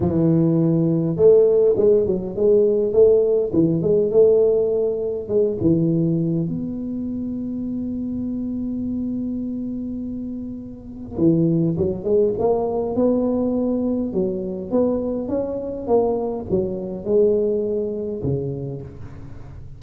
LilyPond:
\new Staff \with { instrumentName = "tuba" } { \time 4/4 \tempo 4 = 102 e2 a4 gis8 fis8 | gis4 a4 e8 gis8 a4~ | a4 gis8 e4. b4~ | b1~ |
b2. e4 | fis8 gis8 ais4 b2 | fis4 b4 cis'4 ais4 | fis4 gis2 cis4 | }